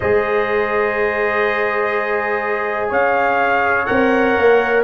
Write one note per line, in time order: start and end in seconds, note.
0.00 2.91 G#3
0.00 3.87 G#4
0.00 2.89 C5
0.00 2.89 D#5
2.89 3.87 C#4
2.89 4.82 C#5
2.89 3.85 F5
3.85 4.36 C4
3.85 4.83 A#4
3.85 4.82 F#5
4.36 4.83 A#3